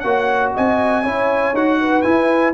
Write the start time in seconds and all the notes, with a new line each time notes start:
0.00 A#3 F#4 C#5 F#5
0.54 C4 D#5 G#5
1.03 C#4 E4 C#5
1.53 D#4 F#4 F#5
1.81 B4
2.02 E4 G#5